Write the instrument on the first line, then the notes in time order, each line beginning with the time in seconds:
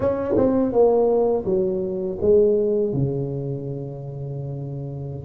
tuba
0.00 C#4
0.36 C4
0.72 A#3
1.45 F#3
2.21 G#3
2.93 C#3